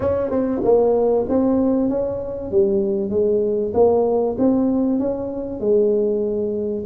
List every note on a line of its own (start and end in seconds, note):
0.00 0.30 C#4
0.30 0.61 C4
0.63 1.26 A#3
1.28 1.89 C4
1.89 2.51 C#4
2.51 3.10 G3
3.10 3.72 G#3
3.74 4.36 A#3
4.38 4.99 C4
4.99 5.59 C#4
5.59 6.84 G#3